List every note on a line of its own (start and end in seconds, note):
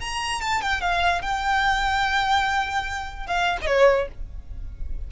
0.00 0.41 A#5
0.41 0.61 A5
0.61 0.81 G5
0.81 1.22 F5
1.22 3.27 G5
3.27 3.57 F5
3.61 4.07 C#5
3.61 3.66 D#5